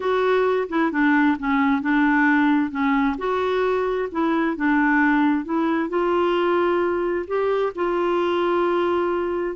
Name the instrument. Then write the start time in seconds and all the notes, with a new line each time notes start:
clarinet
0.00 F#4
0.68 E4
0.91 D4
1.38 C#4
1.81 D4
2.70 C#4
3.18 F#4
4.11 E4
4.56 D4
5.44 E4
5.89 F4
7.27 G4
7.75 F4